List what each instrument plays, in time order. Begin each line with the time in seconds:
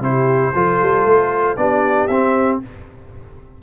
0.00 tuba C3, trombone E4, horn G4, trumpet C5
0.53 tuba F3, trombone F4, horn A4
0.82 tuba G3
1.05 tuba A3
1.57 tuba B3, trombone D4, horn G4, trumpet D5
2.07 tuba C4, trombone C4, trumpet E5